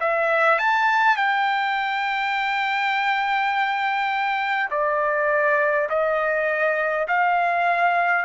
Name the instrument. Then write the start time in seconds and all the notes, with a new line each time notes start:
trumpet
0.00 E5
0.59 A5
1.17 G5
4.71 D5
5.89 D#5
7.07 F5